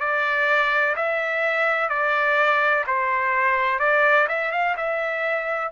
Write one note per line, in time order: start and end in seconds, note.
0.00 0.95 D5
0.96 1.89 E5
1.89 2.84 D5
2.87 3.80 C5
3.80 4.27 D5
4.29 4.52 E5
4.52 4.76 F5
4.77 5.72 E5